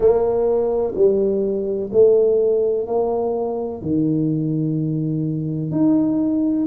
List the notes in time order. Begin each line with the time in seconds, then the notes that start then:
0.00 A#3
0.95 G3
1.92 A3
2.86 A#3
3.81 D#3
5.71 D#4